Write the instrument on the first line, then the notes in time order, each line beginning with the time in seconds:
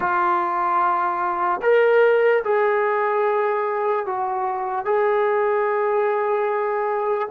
trombone
0.00 F4
1.62 A#4
2.44 G#4
4.05 F#4
4.85 G#4